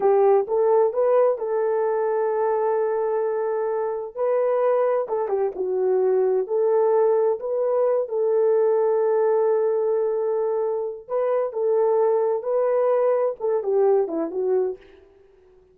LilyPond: \new Staff \with { instrumentName = "horn" } { \time 4/4 \tempo 4 = 130 g'4 a'4 b'4 a'4~ | a'1~ | a'4 b'2 a'8 g'8 | fis'2 a'2 |
b'4. a'2~ a'8~ | a'1 | b'4 a'2 b'4~ | b'4 a'8 g'4 e'8 fis'4 | }